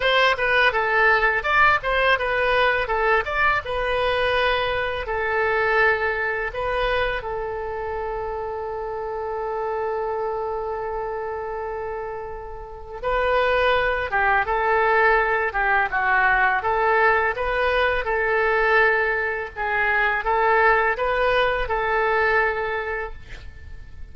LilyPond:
\new Staff \with { instrumentName = "oboe" } { \time 4/4 \tempo 4 = 83 c''8 b'8 a'4 d''8 c''8 b'4 | a'8 d''8 b'2 a'4~ | a'4 b'4 a'2~ | a'1~ |
a'2 b'4. g'8 | a'4. g'8 fis'4 a'4 | b'4 a'2 gis'4 | a'4 b'4 a'2 | }